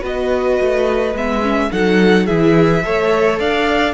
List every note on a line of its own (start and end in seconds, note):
0.00 0.59 B3
0.00 1.13 F#4
0.00 1.68 B4
0.00 1.16 D#5
0.60 1.14 A3
1.14 1.70 G#3
1.14 1.42 B3
1.14 1.72 E5
1.42 1.70 C#4
1.71 2.28 F#3
1.71 2.27 D#4
1.71 2.26 A4
1.71 2.26 F#5
2.26 2.84 E3
2.26 2.83 E4
2.26 2.82 G#4
2.26 3.38 E5
2.84 3.39 A3
2.84 3.94 A4
2.84 3.39 C#5
3.39 3.94 D4
3.39 3.94 D5
3.39 3.94 F5